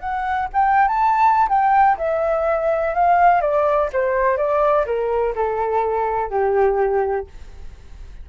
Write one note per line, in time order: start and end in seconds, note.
0.00 0.48 F#5
0.53 0.88 G5
0.88 1.48 A5
1.49 1.97 G5
1.98 2.94 E5
2.95 3.41 F5
3.41 3.90 D5
3.93 4.37 C5
4.37 4.86 D5
4.86 5.34 A#4
5.35 6.30 A4
6.30 7.27 G4